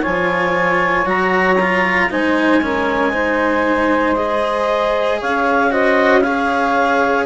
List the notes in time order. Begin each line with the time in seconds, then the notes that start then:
0.00 F3 F4 C#5 G#5
1.05 F#3 F#4 A#5
1.60 F4
2.10 G#3 D#4 C5 G#5
2.61 C#4 A#4
3.12 D#4 C5
4.16 G#4 D#5
5.19 C#4 C#5 F5
5.70 F#4 C5 D#5
6.22 G#4 C#5 F5